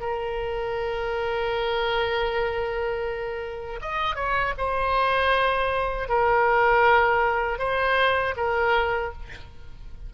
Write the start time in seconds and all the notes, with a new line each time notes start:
0.00 A#4
3.81 D#5
4.15 C#5
4.58 C5
6.08 A#4
7.59 C5
8.36 A#4